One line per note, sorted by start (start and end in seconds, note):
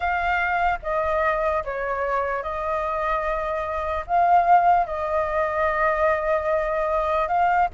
0.00 0.79 F5
0.82 1.63 D#5
1.64 2.43 C#5
2.43 4.05 D#5
4.07 4.86 F5
4.86 7.28 D#5
7.28 7.68 F5